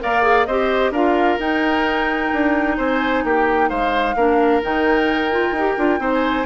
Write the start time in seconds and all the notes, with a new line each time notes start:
0.00 A#3 A#4 D5 F5
0.23 G#4
0.46 C4 G4 C5 D#5
0.91 D4 F4 A#4 F5
1.40 D#4 G5
2.33 D4
2.78 C4 C5 G#5
3.24 A#3 G4 G5
3.70 G#3 C5 F5
4.15 A#3 D4 A#4
4.63 D#3 D#4 G5
5.32 F4
5.52 D#4
5.59 G4
5.78 D4 F4
5.99 C4 D#4 C5
6.14 G#5